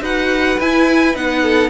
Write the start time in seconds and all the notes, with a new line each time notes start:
0.00 D#4 F#4 B4 F#5
0.59 E4 G#5
1.14 B3 D#4 F#5
1.42 A4